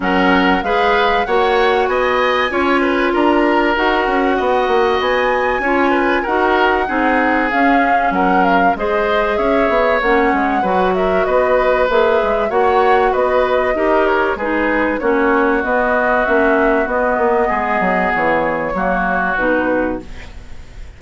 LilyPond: <<
  \new Staff \with { instrumentName = "flute" } { \time 4/4 \tempo 4 = 96 fis''4 f''4 fis''4 gis''4~ | gis''4 ais''4 fis''2 | gis''2 fis''2 | f''4 fis''8 f''8 dis''4 e''4 |
fis''4. e''8 dis''4 e''4 | fis''4 dis''4. cis''8 b'4 | cis''4 dis''4 e''4 dis''4~ | dis''4 cis''2 b'4 | }
  \new Staff \with { instrumentName = "oboe" } { \time 4/4 ais'4 b'4 cis''4 dis''4 | cis''8 b'8 ais'2 dis''4~ | dis''4 cis''8 b'8 ais'4 gis'4~ | gis'4 ais'4 c''4 cis''4~ |
cis''4 b'8 ais'8 b'2 | cis''4 b'4 ais'4 gis'4 | fis'1 | gis'2 fis'2 | }
  \new Staff \with { instrumentName = "clarinet" } { \time 4/4 cis'4 gis'4 fis'2 | f'2 fis'2~ | fis'4 f'4 fis'4 dis'4 | cis'2 gis'2 |
cis'4 fis'2 gis'4 | fis'2 g'4 dis'4 | cis'4 b4 cis'4 b4~ | b2 ais4 dis'4 | }
  \new Staff \with { instrumentName = "bassoon" } { \time 4/4 fis4 gis4 ais4 b4 | cis'4 d'4 dis'8 cis'8 b8 ais8 | b4 cis'4 dis'4 c'4 | cis'4 fis4 gis4 cis'8 b8 |
ais8 gis8 fis4 b4 ais8 gis8 | ais4 b4 dis'4 gis4 | ais4 b4 ais4 b8 ais8 | gis8 fis8 e4 fis4 b,4 | }
>>